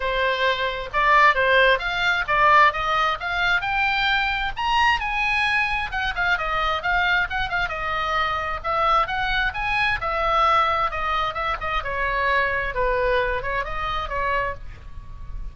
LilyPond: \new Staff \with { instrumentName = "oboe" } { \time 4/4 \tempo 4 = 132 c''2 d''4 c''4 | f''4 d''4 dis''4 f''4 | g''2 ais''4 gis''4~ | gis''4 fis''8 f''8 dis''4 f''4 |
fis''8 f''8 dis''2 e''4 | fis''4 gis''4 e''2 | dis''4 e''8 dis''8 cis''2 | b'4. cis''8 dis''4 cis''4 | }